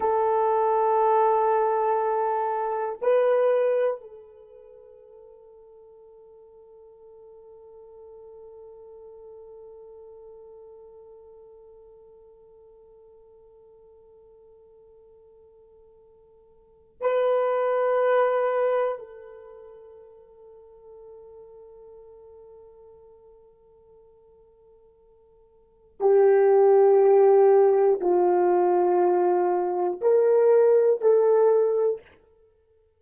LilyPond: \new Staff \with { instrumentName = "horn" } { \time 4/4 \tempo 4 = 60 a'2. b'4 | a'1~ | a'1~ | a'1~ |
a'4 b'2 a'4~ | a'1~ | a'2 g'2 | f'2 ais'4 a'4 | }